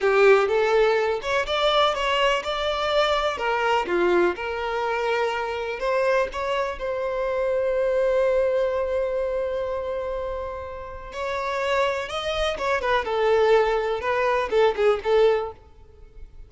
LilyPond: \new Staff \with { instrumentName = "violin" } { \time 4/4 \tempo 4 = 124 g'4 a'4. cis''8 d''4 | cis''4 d''2 ais'4 | f'4 ais'2. | c''4 cis''4 c''2~ |
c''1~ | c''2. cis''4~ | cis''4 dis''4 cis''8 b'8 a'4~ | a'4 b'4 a'8 gis'8 a'4 | }